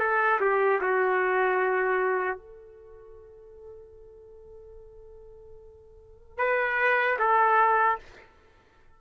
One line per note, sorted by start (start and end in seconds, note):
0.00 0.40 A4
0.41 0.81 G4
0.81 2.38 F#4
2.38 6.38 A4
6.38 7.18 B4
7.19 7.99 A4